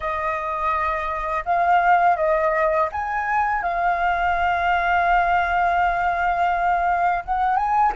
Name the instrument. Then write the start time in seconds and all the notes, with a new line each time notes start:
flute
0.00 D#5
1.45 F5
2.16 D#5
2.92 G#5
3.62 F5
7.24 F#5
7.56 G#5